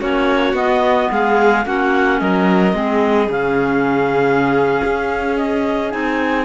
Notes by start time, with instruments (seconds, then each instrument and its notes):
0.00 cello A#3, clarinet C#4 C#5, violin F#4
0.54 cello B3, clarinet B3 D#5
1.11 cello G#3, violin G#4, clarinet F5
1.65 cello A#3, clarinet C#4 F#5, violin F#4
2.20 cello F#3, violin A#4, clarinet D#5
2.73 cello G#3, clarinet C4, violin G#4
3.29 cello C#3, clarinet C#4 F5
4.84 cello C#4
5.37 clarinet D#5
5.90 cello C4, clarinet D#4 G#5